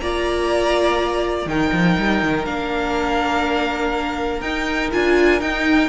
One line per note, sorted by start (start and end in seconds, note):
0.00 1.46 A#3
0.00 1.48 F4
0.00 1.49 D5
0.00 1.48 A#5
1.46 1.70 D#3
1.46 2.46 D#4
1.46 5.89 A#4
1.46 2.45 G5
1.72 1.97 F3
1.98 2.22 G3
2.22 2.46 D#3
2.45 4.41 A#3
2.45 4.43 D4
2.45 4.41 F5
4.41 4.90 D#4
4.41 4.92 D#4
4.41 4.90 G5
4.92 5.41 D4
4.92 5.41 F4
4.92 5.41 G#5
5.41 5.89 D#4
5.41 5.89 G5